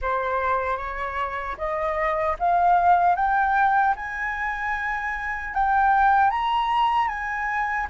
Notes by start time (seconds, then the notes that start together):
0.01 C5
0.77 C#5
1.57 D#5
2.39 F5
3.15 G5
3.96 G#5
5.54 G5
6.30 A#5
7.08 G#5